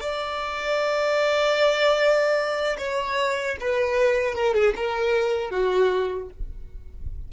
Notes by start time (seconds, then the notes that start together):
0.00 D5
2.77 C#5
3.60 B4
4.34 A#4
4.54 G#4
4.75 A#4
5.50 F#4